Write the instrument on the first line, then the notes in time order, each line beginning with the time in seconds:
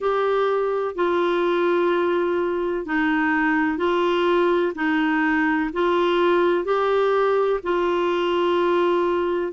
clarinet
0.00 G4
0.95 F4
2.85 D#4
3.77 F4
4.74 D#4
5.73 F4
6.64 G4
7.63 F4